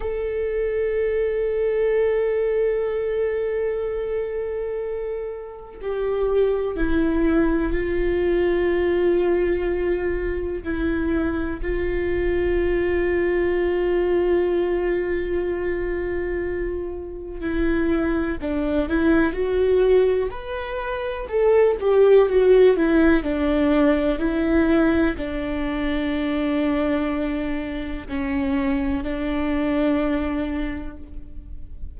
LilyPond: \new Staff \with { instrumentName = "viola" } { \time 4/4 \tempo 4 = 62 a'1~ | a'2 g'4 e'4 | f'2. e'4 | f'1~ |
f'2 e'4 d'8 e'8 | fis'4 b'4 a'8 g'8 fis'8 e'8 | d'4 e'4 d'2~ | d'4 cis'4 d'2 | }